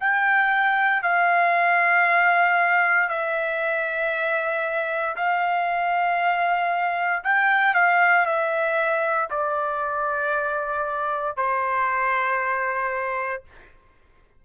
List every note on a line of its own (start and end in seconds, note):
0.00 1.03 G5
1.03 3.08 F5
3.08 5.15 E5
5.16 7.23 F5
7.24 7.74 G5
7.74 8.25 F5
8.25 9.29 E5
9.30 11.37 D5
11.37 13.43 C5